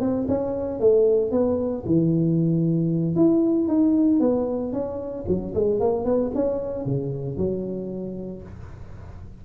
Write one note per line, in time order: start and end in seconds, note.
0.00 0.26 C4
0.28 0.80 C#4
0.80 1.31 A3
1.31 1.84 B3
1.86 3.16 E3
3.16 3.68 E4
3.68 4.20 D#4
4.20 4.73 B3
4.73 5.25 C#4
5.28 5.54 F#3
5.55 5.80 G#3
5.80 6.05 A#3
6.05 6.31 B3
6.35 6.85 C#4
6.85 7.37 C#3
7.37 8.43 F#3